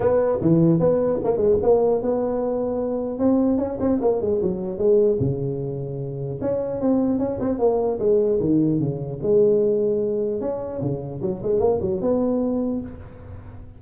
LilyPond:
\new Staff \with { instrumentName = "tuba" } { \time 4/4 \tempo 4 = 150 b4 e4 b4 ais8 gis8 | ais4 b2. | c'4 cis'8 c'8 ais8 gis8 fis4 | gis4 cis2. |
cis'4 c'4 cis'8 c'8 ais4 | gis4 dis4 cis4 gis4~ | gis2 cis'4 cis4 | fis8 gis8 ais8 fis8 b2 | }